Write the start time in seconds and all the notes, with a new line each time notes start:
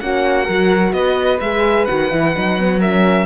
0.00 A#3 C#4 F#4 F#5
0.45 F#3 F#4 A#4
0.92 B3 B4 D#5
1.41 G#3 G#4 E5
1.86 D#3 F#4 F#5
2.10 E3 E4
2.36 F#3 D#4
2.59 B3
2.79 C#4 A#4 E5